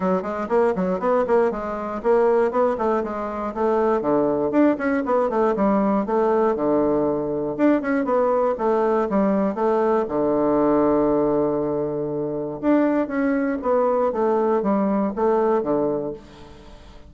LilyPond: \new Staff \with { instrumentName = "bassoon" } { \time 4/4 \tempo 4 = 119 fis8 gis8 ais8 fis8 b8 ais8 gis4 | ais4 b8 a8 gis4 a4 | d4 d'8 cis'8 b8 a8 g4 | a4 d2 d'8 cis'8 |
b4 a4 g4 a4 | d1~ | d4 d'4 cis'4 b4 | a4 g4 a4 d4 | }